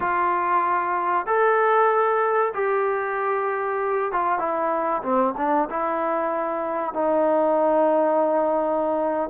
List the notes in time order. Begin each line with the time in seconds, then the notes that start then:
0.00 F4
1.26 A4
2.54 G4
4.12 F4
4.39 E4
5.02 C4
5.37 D4
5.70 E4
6.93 D#4